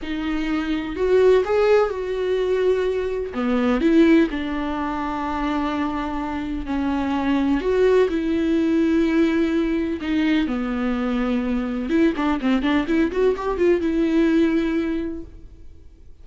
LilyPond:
\new Staff \with { instrumentName = "viola" } { \time 4/4 \tempo 4 = 126 dis'2 fis'4 gis'4 | fis'2. b4 | e'4 d'2.~ | d'2 cis'2 |
fis'4 e'2.~ | e'4 dis'4 b2~ | b4 e'8 d'8 c'8 d'8 e'8 fis'8 | g'8 f'8 e'2. | }